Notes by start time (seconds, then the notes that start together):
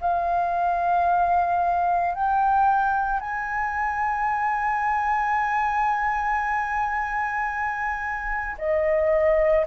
0.00 F5
2.14 G5
3.20 G#5
8.58 D#5